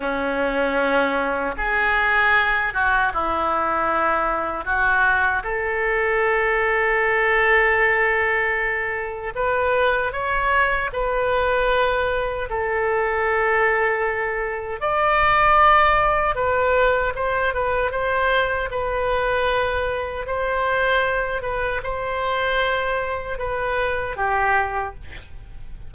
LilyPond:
\new Staff \with { instrumentName = "oboe" } { \time 4/4 \tempo 4 = 77 cis'2 gis'4. fis'8 | e'2 fis'4 a'4~ | a'1 | b'4 cis''4 b'2 |
a'2. d''4~ | d''4 b'4 c''8 b'8 c''4 | b'2 c''4. b'8 | c''2 b'4 g'4 | }